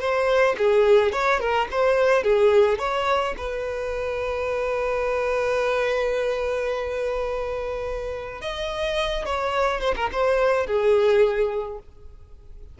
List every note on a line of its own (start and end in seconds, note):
0.00 0.56 C5
0.58 1.12 G#4
1.12 1.40 C#5
1.40 1.68 A#4
1.71 2.24 C5
2.24 2.79 G#4
2.79 3.35 C#5
3.37 8.41 B4
8.41 9.25 D#5
9.25 9.81 C#5
9.81 9.95 C5
9.96 10.10 A#4
10.12 10.67 C5
10.67 11.79 G#4